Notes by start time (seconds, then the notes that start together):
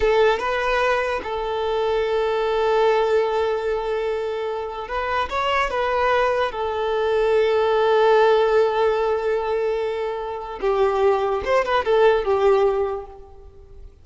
0.00 A4
0.39 B4
1.23 A4
4.88 B4
5.29 C#5
5.70 B4
6.51 A4
10.60 G4
11.44 C5
11.65 B4
11.84 A4
12.24 G4